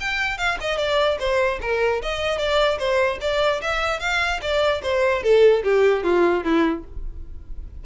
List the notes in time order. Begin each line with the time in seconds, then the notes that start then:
0.00 G5
0.38 F5
0.61 D#5
0.78 D5
1.19 C5
1.62 A#4
2.02 D#5
2.38 D5
2.78 C5
3.21 D5
3.61 E5
4.00 F5
4.42 D5
4.83 C5
5.23 A4
5.63 G4
6.03 F4
6.44 E4